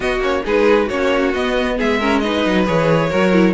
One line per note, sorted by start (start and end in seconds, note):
0.00 0.18 B3
0.00 0.20 B3
0.00 0.43 F#4
0.00 0.22 D#5
0.18 0.41 A#3
0.18 0.43 C#4
0.18 0.45 C#5
0.45 0.89 G#3
0.45 0.89 D#4
0.45 0.86 G#4
0.45 0.89 B4
0.86 1.33 A#3
0.86 1.35 C#4
0.86 1.75 F#4
0.86 1.33 C#5
1.33 1.77 B3
1.33 2.00 B3
1.33 1.78 D#5
1.77 2.45 G#3
1.77 1.99 G#4
1.77 2.19 E5
1.99 2.22 C#4
1.99 2.22 A#4
2.19 2.66 D#4
2.19 3.09 B4
2.19 2.64 D#5
2.45 2.67 F#3
2.66 3.12 E3
2.66 3.10 G#4
2.66 3.54 C#5
3.09 3.54 F#3
3.09 3.32 F#4
3.09 3.54 A#4
3.32 3.54 E4